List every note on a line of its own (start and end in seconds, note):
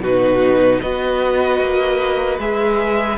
0.00 0.79 B2
0.00 0.82 D#4
0.00 0.81 F#4
0.00 0.81 B4
0.81 1.60 B3
0.81 2.40 F#4
0.81 3.18 B4
0.81 2.39 D#5
1.60 2.38 A#3
2.38 3.17 G#3
2.38 3.18 G#4
2.38 3.18 E5